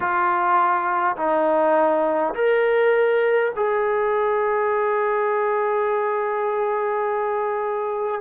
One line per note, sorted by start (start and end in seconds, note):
0.00 1.16 F4
1.16 2.34 D#4
2.34 3.51 A#4
3.55 8.21 G#4